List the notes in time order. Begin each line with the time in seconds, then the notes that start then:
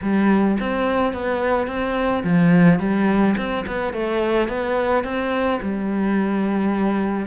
0.02 G3
0.59 C4
1.13 B3
1.67 C4
2.23 F3
2.79 G3
3.37 C4
3.66 B3
3.93 A3
4.48 B3
5.04 C4
5.62 G3